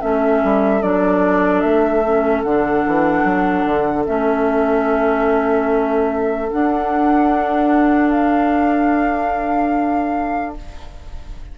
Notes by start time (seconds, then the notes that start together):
0.00 A3 C#4 A4 E5
0.43 G3
0.81 F#3 D4 D5
1.60 A3 E5
2.05 C#4
2.43 D3 D4 F#5
2.86 E3
3.23 F#3
3.65 D3
4.05 A3 C#4 E5
6.49 D4 F#5
8.10 F5